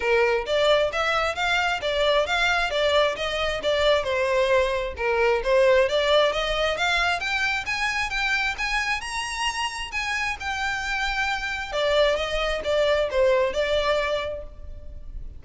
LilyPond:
\new Staff \with { instrumentName = "violin" } { \time 4/4 \tempo 4 = 133 ais'4 d''4 e''4 f''4 | d''4 f''4 d''4 dis''4 | d''4 c''2 ais'4 | c''4 d''4 dis''4 f''4 |
g''4 gis''4 g''4 gis''4 | ais''2 gis''4 g''4~ | g''2 d''4 dis''4 | d''4 c''4 d''2 | }